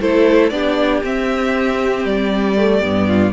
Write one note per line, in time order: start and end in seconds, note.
0.00 0.51 A3
0.00 0.51 E4
0.00 0.53 A4
0.00 0.49 C5
0.49 1.02 B3
0.49 1.02 D4
0.49 3.06 G4
0.49 1.00 D5
1.03 2.04 C4
1.03 2.56 C4
1.03 2.05 E5
2.04 2.81 G3
2.04 3.32 D5
2.56 2.81 A3
2.81 3.32 G2
2.81 3.32 B3
3.06 3.32 F4